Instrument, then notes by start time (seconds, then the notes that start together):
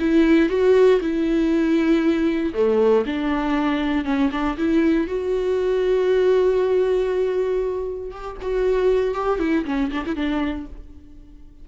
viola
0.00 E4
0.50 F#4
1.01 E4
2.54 A3
3.07 D4
4.05 C#4
4.32 D4
4.58 E4
5.08 F#4
8.11 G4
8.42 F#4
9.15 G4
9.40 E4
9.66 C#4
9.92 D4
10.07 E4
10.16 D4